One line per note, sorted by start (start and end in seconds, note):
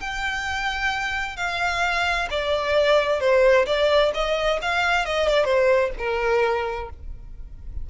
0.00 1.36 G5
1.36 2.28 F5
2.30 3.20 D5
3.20 3.66 C5
3.66 4.12 D5
4.14 4.60 D#5
4.61 5.05 F5
5.05 5.27 D#5
5.27 5.45 D5
5.45 5.90 C5
5.98 6.90 A#4